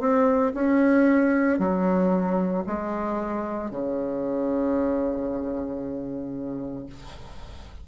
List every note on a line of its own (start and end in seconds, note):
0.00 0.53 C4
0.55 1.59 C#4
1.59 2.65 F#3
2.67 3.71 G#3
3.71 6.87 C#3